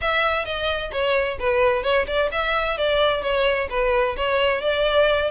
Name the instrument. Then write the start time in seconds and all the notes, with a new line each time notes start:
violin
0.01 E5
0.45 D#5
0.92 C#5
1.39 B4
1.83 C#5
2.07 D5
2.31 E5
2.77 D5
3.22 C#5
3.70 B4
4.16 C#5
4.61 D5